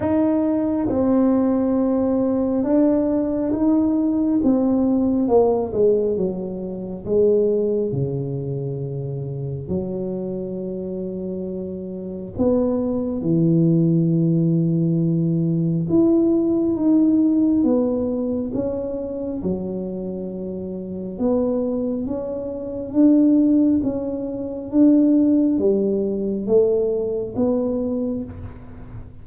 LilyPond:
\new Staff \with { instrumentName = "tuba" } { \time 4/4 \tempo 4 = 68 dis'4 c'2 d'4 | dis'4 c'4 ais8 gis8 fis4 | gis4 cis2 fis4~ | fis2 b4 e4~ |
e2 e'4 dis'4 | b4 cis'4 fis2 | b4 cis'4 d'4 cis'4 | d'4 g4 a4 b4 | }